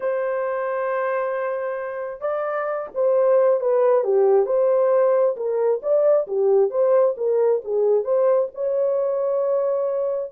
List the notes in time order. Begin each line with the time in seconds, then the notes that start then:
0.00 C5
2.20 D5
2.94 C5
3.60 B4
4.04 G4
4.46 C5
5.36 A#4
5.82 D5
6.27 G4
6.70 C5
7.17 A#4
7.64 G#4
8.04 C5
8.54 C#5